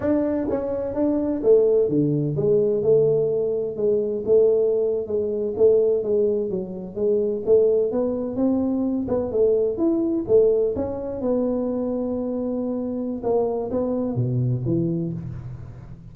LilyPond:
\new Staff \with { instrumentName = "tuba" } { \time 4/4 \tempo 4 = 127 d'4 cis'4 d'4 a4 | d4 gis4 a2 | gis4 a4.~ a16 gis4 a16~ | a8. gis4 fis4 gis4 a16~ |
a8. b4 c'4. b8 a16~ | a8. e'4 a4 cis'4 b16~ | b1 | ais4 b4 b,4 e4 | }